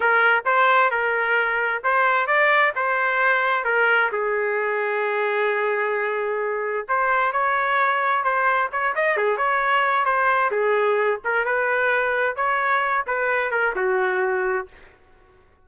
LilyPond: \new Staff \with { instrumentName = "trumpet" } { \time 4/4 \tempo 4 = 131 ais'4 c''4 ais'2 | c''4 d''4 c''2 | ais'4 gis'2.~ | gis'2. c''4 |
cis''2 c''4 cis''8 dis''8 | gis'8 cis''4. c''4 gis'4~ | gis'8 ais'8 b'2 cis''4~ | cis''8 b'4 ais'8 fis'2 | }